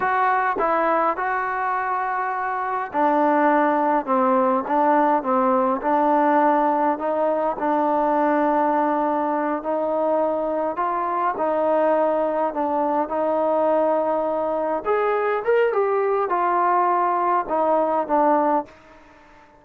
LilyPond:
\new Staff \with { instrumentName = "trombone" } { \time 4/4 \tempo 4 = 103 fis'4 e'4 fis'2~ | fis'4 d'2 c'4 | d'4 c'4 d'2 | dis'4 d'2.~ |
d'8 dis'2 f'4 dis'8~ | dis'4. d'4 dis'4.~ | dis'4. gis'4 ais'8 g'4 | f'2 dis'4 d'4 | }